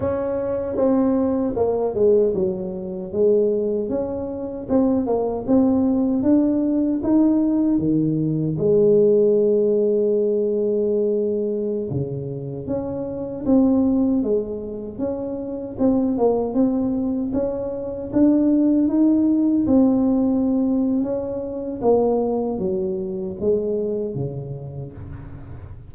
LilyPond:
\new Staff \with { instrumentName = "tuba" } { \time 4/4 \tempo 4 = 77 cis'4 c'4 ais8 gis8 fis4 | gis4 cis'4 c'8 ais8 c'4 | d'4 dis'4 dis4 gis4~ | gis2.~ gis16 cis8.~ |
cis16 cis'4 c'4 gis4 cis'8.~ | cis'16 c'8 ais8 c'4 cis'4 d'8.~ | d'16 dis'4 c'4.~ c'16 cis'4 | ais4 fis4 gis4 cis4 | }